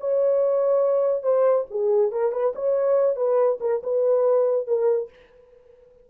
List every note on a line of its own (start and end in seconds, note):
0.00 1.23 C#5
1.23 1.65 C5
1.71 2.12 G#4
2.12 2.32 A#4
2.32 2.53 B4
2.55 3.16 C#5
3.16 3.59 B4
3.61 3.82 A#4
3.83 4.67 B4
4.67 5.10 A#4